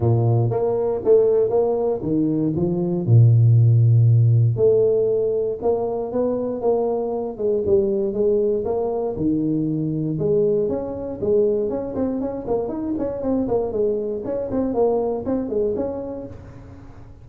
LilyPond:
\new Staff \with { instrumentName = "tuba" } { \time 4/4 \tempo 4 = 118 ais,4 ais4 a4 ais4 | dis4 f4 ais,2~ | ais,4 a2 ais4 | b4 ais4. gis8 g4 |
gis4 ais4 dis2 | gis4 cis'4 gis4 cis'8 c'8 | cis'8 ais8 dis'8 cis'8 c'8 ais8 gis4 | cis'8 c'8 ais4 c'8 gis8 cis'4 | }